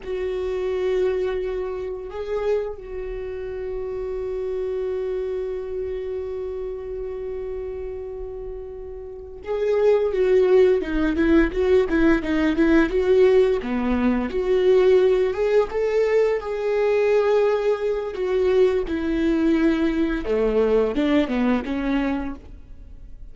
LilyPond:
\new Staff \with { instrumentName = "viola" } { \time 4/4 \tempo 4 = 86 fis'2. gis'4 | fis'1~ | fis'1~ | fis'4. gis'4 fis'4 dis'8 |
e'8 fis'8 e'8 dis'8 e'8 fis'4 b8~ | b8 fis'4. gis'8 a'4 gis'8~ | gis'2 fis'4 e'4~ | e'4 a4 d'8 b8 cis'4 | }